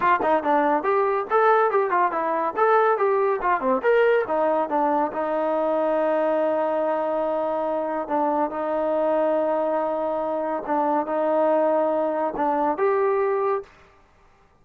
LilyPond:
\new Staff \with { instrumentName = "trombone" } { \time 4/4 \tempo 4 = 141 f'8 dis'8 d'4 g'4 a'4 | g'8 f'8 e'4 a'4 g'4 | f'8 c'8 ais'4 dis'4 d'4 | dis'1~ |
dis'2. d'4 | dis'1~ | dis'4 d'4 dis'2~ | dis'4 d'4 g'2 | }